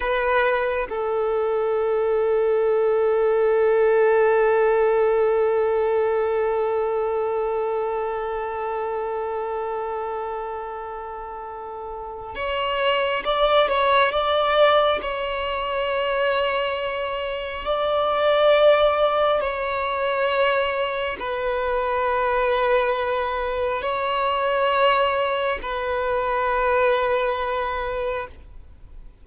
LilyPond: \new Staff \with { instrumentName = "violin" } { \time 4/4 \tempo 4 = 68 b'4 a'2.~ | a'1~ | a'1~ | a'2 cis''4 d''8 cis''8 |
d''4 cis''2. | d''2 cis''2 | b'2. cis''4~ | cis''4 b'2. | }